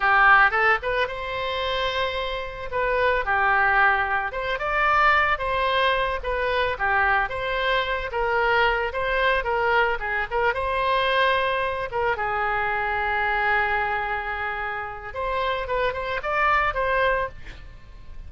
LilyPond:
\new Staff \with { instrumentName = "oboe" } { \time 4/4 \tempo 4 = 111 g'4 a'8 b'8 c''2~ | c''4 b'4 g'2 | c''8 d''4. c''4. b'8~ | b'8 g'4 c''4. ais'4~ |
ais'8 c''4 ais'4 gis'8 ais'8 c''8~ | c''2 ais'8 gis'4.~ | gis'1 | c''4 b'8 c''8 d''4 c''4 | }